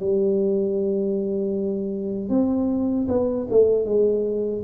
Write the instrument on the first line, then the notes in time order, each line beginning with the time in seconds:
tuba
0.00 G3
2.30 C4
3.08 B3
3.51 A3
3.85 G#3